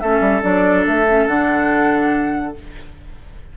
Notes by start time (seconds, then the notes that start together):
0.00 A3 C#4 A4 E5
0.20 G3
0.42 F#3 D4 D5
0.87 A3 E5
1.09 C#4
1.27 D3 D4 F#5